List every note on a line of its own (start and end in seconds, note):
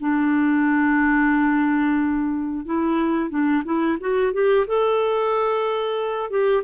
0.00 2.66 D4
2.66 3.30 E4
3.30 3.64 D4
3.65 3.98 E4
4.01 4.33 F#4
4.33 4.67 G4
4.67 6.31 A4
6.31 6.64 G4